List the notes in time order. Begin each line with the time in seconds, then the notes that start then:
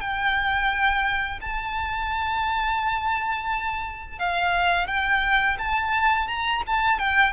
0.00 G5
1.41 A5
4.19 F5
4.87 G5
5.58 A5
6.27 A#5
6.67 A5
6.99 G5